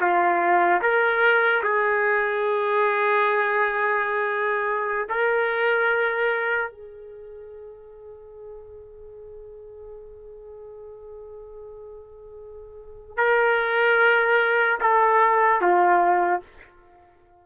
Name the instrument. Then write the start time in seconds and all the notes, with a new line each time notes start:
trumpet
0.00 F4
0.81 A#4
1.63 G#4
5.09 A#4
6.71 G#4
13.16 A#4
14.80 A4
15.61 F4